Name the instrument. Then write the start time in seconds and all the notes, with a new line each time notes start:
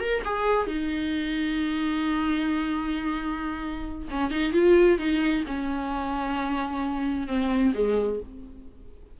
viola
0.00 A#4
0.25 G#4
0.67 D#4
4.11 C#4
4.31 D#4
4.53 F4
4.99 D#4
5.47 C#4
7.27 C4
7.75 G#3